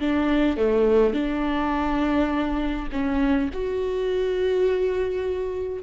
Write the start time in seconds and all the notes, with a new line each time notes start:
0.00 D4
0.57 A3
1.14 D4
2.92 C#4
3.53 F#4